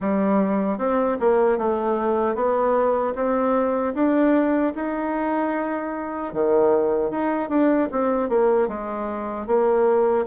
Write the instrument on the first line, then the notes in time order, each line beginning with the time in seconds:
bassoon
0.00 G3
0.78 C4
1.19 A#3
1.58 A3
2.35 B3
3.15 C4
3.94 D4
4.75 D#4
6.33 D#3
7.11 D#4
7.49 D4
7.91 C4
8.29 A#3
8.68 G#3
9.46 A#3